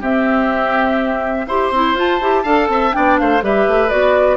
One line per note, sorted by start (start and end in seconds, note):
0.00 1.47 C4
0.00 1.48 C4
0.00 1.46 G4
0.00 1.48 E5
1.47 1.71 E4
1.47 1.74 G4
1.47 2.43 C5
1.47 1.97 C6
1.71 1.95 C4
1.71 1.97 E4
1.95 2.19 F4
1.95 2.21 F4
1.95 2.93 A5
2.21 2.44 E4
2.21 2.46 G4
2.43 2.68 D4
2.43 2.92 A4
2.43 2.68 F5
2.68 2.93 C4
2.68 2.96 E5
2.92 3.21 B3
2.92 3.41 D4
2.92 3.21 D5
2.92 3.18 G5
3.19 3.42 A3
3.19 3.44 C5
3.19 3.43 F5
3.42 3.67 G3
3.42 3.90 G4
3.42 4.37 B4
3.42 3.89 E5
3.67 3.92 A3
3.89 4.37 B3
3.89 4.37 F#4
3.89 4.37 D5